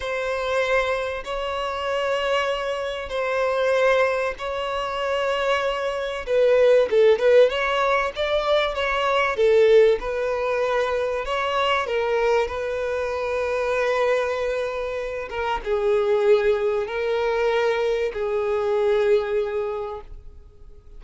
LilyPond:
\new Staff \with { instrumentName = "violin" } { \time 4/4 \tempo 4 = 96 c''2 cis''2~ | cis''4 c''2 cis''4~ | cis''2 b'4 a'8 b'8 | cis''4 d''4 cis''4 a'4 |
b'2 cis''4 ais'4 | b'1~ | b'8 ais'8 gis'2 ais'4~ | ais'4 gis'2. | }